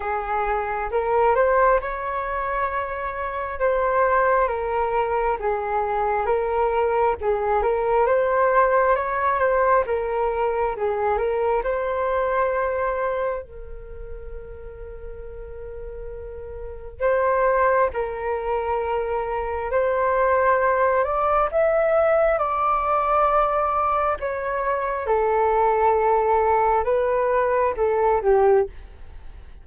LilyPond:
\new Staff \with { instrumentName = "flute" } { \time 4/4 \tempo 4 = 67 gis'4 ais'8 c''8 cis''2 | c''4 ais'4 gis'4 ais'4 | gis'8 ais'8 c''4 cis''8 c''8 ais'4 | gis'8 ais'8 c''2 ais'4~ |
ais'2. c''4 | ais'2 c''4. d''8 | e''4 d''2 cis''4 | a'2 b'4 a'8 g'8 | }